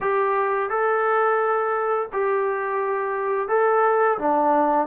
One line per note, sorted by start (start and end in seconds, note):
0.00 0.69 G4
0.69 2.09 A4
2.12 3.48 G4
3.48 4.18 A4
4.18 4.87 D4